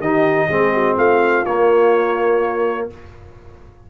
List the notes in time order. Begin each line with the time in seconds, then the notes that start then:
0.00 D#3 D#4 G4 D#5
0.49 G#3 C4 G#4
0.73 F#4
0.95 A3 F4 F5
1.45 A#3 C#5